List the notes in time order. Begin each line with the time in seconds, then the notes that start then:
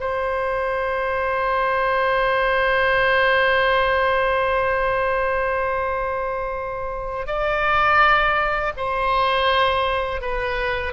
0.00 C5
7.26 D5
8.76 C5
10.21 B4